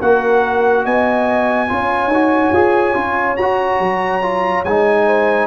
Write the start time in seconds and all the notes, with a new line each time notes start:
0.00 A#3 F#4 A#4 F#5
0.85 B3 D#5 G#5
1.69 C#4 F4 C#5
2.08 D#4 F#4
2.53 F4 G#4
2.95 C#4 F4
3.37 F#4 A#5
3.80 F#3
4.23 F4
4.65 G#3 D#4 G#5
5.07 C5